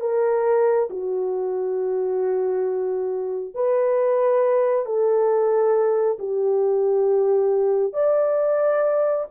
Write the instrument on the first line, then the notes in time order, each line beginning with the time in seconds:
horn
0.00 A#4
0.90 F#4
3.54 B4
4.85 A4
6.18 G4
7.93 D5